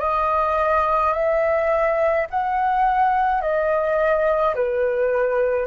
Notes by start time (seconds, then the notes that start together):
0.00 D#5
1.13 E5
2.31 F#5
3.41 D#5
4.55 B4